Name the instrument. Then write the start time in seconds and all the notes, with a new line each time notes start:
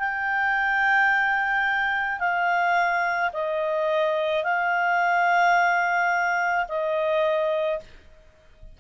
clarinet
0.00 G5
2.20 F5
3.33 D#5
4.44 F5
6.69 D#5